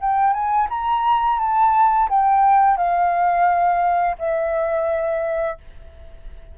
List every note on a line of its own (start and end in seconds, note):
0.00 0.33 G5
0.33 0.68 G#5
0.70 1.39 A#5
1.39 2.09 A5
2.09 2.77 G5
2.77 4.16 F5
4.18 5.58 E5